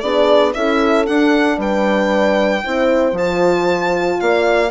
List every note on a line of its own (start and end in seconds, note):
0.00 0.55 B3
0.00 0.54 D4
0.00 0.54 G#4
0.00 0.52 D5
0.54 1.07 C#4
0.54 1.06 E4
0.54 1.58 A4
0.54 1.06 E5
1.06 2.64 D4
1.06 1.58 D4
1.06 1.58 F#5
1.58 2.62 G3
1.58 2.62 B4
1.58 3.17 G5
2.64 3.12 C4
2.64 3.13 E4
2.64 4.20 C5
3.12 4.16 F3
3.12 4.70 F4
3.12 4.20 A5
4.20 4.71 A#3
4.20 4.71 D5
4.20 4.71 F5